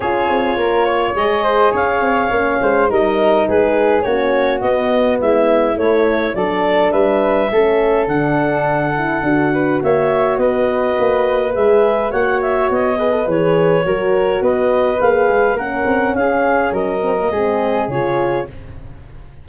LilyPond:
<<
  \new Staff \with { instrumentName = "clarinet" } { \time 4/4 \tempo 4 = 104 cis''2 dis''4 f''4~ | f''4 dis''4 b'4 cis''4 | dis''4 e''4 cis''4 d''4 | e''2 fis''2~ |
fis''4 e''4 dis''2 | e''4 fis''8 e''8 dis''4 cis''4~ | cis''4 dis''4 f''4 fis''4 | f''4 dis''2 cis''4 | }
  \new Staff \with { instrumentName = "flute" } { \time 4/4 gis'4 ais'8 cis''4 c''8 cis''4~ | cis''8 c''8 ais'4 gis'4 fis'4~ | fis'4 e'2 a'4 | b'4 a'2.~ |
a'8 b'8 cis''4 b'2~ | b'4 cis''4. b'4. | ais'4 b'2 ais'4 | gis'4 ais'4 gis'2 | }
  \new Staff \with { instrumentName = "horn" } { \time 4/4 f'2 gis'2 | cis'4 dis'2 cis'4 | b2 a4 d'4~ | d'4 cis'4 d'4. e'8 |
fis'1 | gis'4 fis'4. gis'16 a'16 gis'4 | fis'2 gis'4 cis'4~ | cis'4. c'16 ais16 c'4 f'4 | }
  \new Staff \with { instrumentName = "tuba" } { \time 4/4 cis'8 c'8 ais4 gis4 cis'8 c'8 | ais8 gis8 g4 gis4 ais4 | b4 gis4 a4 fis4 | g4 a4 d2 |
d'4 ais4 b4 ais4 | gis4 ais4 b4 e4 | fis4 b4 ais8 gis8 ais8 c'8 | cis'4 fis4 gis4 cis4 | }
>>